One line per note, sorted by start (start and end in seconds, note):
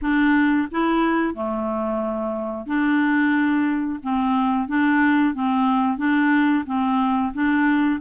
0.01 0.68 D4
0.71 1.34 E4
1.34 2.66 A3
2.66 3.99 D4
4.02 4.68 C4
4.68 5.34 D4
5.34 5.97 C4
5.97 6.64 D4
6.65 7.32 C4
7.33 8.00 D4